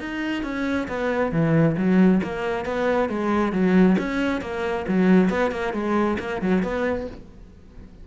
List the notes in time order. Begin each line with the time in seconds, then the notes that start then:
0.00 D#4
0.43 C#4
0.88 B3
1.32 E3
1.77 F#3
2.23 A#3
2.65 B3
3.09 G#3
3.52 F#3
3.98 C#4
4.41 A#3
4.88 F#3
5.29 B3
5.51 A#3
5.73 G#3
6.19 A#3
6.42 F#3
6.63 B3